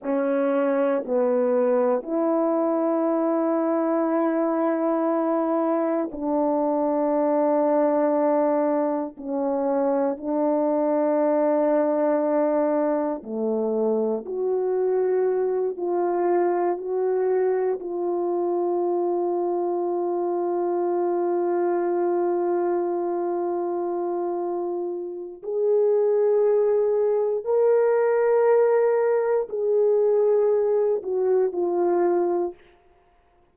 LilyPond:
\new Staff \with { instrumentName = "horn" } { \time 4/4 \tempo 4 = 59 cis'4 b4 e'2~ | e'2 d'2~ | d'4 cis'4 d'2~ | d'4 a4 fis'4. f'8~ |
f'8 fis'4 f'2~ f'8~ | f'1~ | f'4 gis'2 ais'4~ | ais'4 gis'4. fis'8 f'4 | }